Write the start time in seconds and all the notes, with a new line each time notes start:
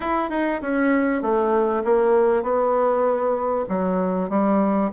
0.00 E4
0.29 D#4
0.61 C#4
1.22 A3
1.84 A#3
2.42 B3
3.68 F#3
4.29 G3